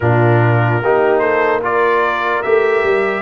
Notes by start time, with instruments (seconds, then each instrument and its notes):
0.00 tuba A#2, trombone D4, horn F4, trumpet A#4
0.81 tuba A#3, trombone D#4, horn G4
1.19 horn A4, trumpet C5
1.62 trombone F4, horn A#4, trumpet D5
2.42 tuba A3, trombone G4, trumpet E5
2.83 tuba G3